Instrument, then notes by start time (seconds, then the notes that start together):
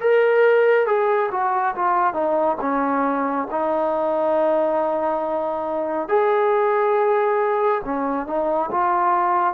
trombone
0.00 A#4
0.87 G#4
1.31 F#4
1.75 F4
2.13 D#4
2.61 C#4
3.51 D#4
6.08 G#4
7.84 C#4
8.26 D#4
8.71 F4